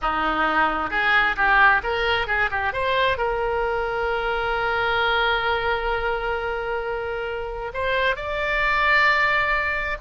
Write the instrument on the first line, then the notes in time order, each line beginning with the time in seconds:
oboe
0.01 D#4
0.90 G#4
1.36 G4
1.83 A#4
2.27 G#4
2.51 G4
2.72 C5
3.17 A#4
7.73 C5
8.15 D5